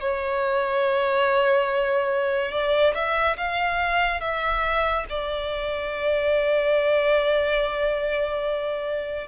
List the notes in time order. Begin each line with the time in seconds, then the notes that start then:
0.00 C#5
2.52 D5
2.95 E5
3.37 F5
4.21 E5
5.09 D5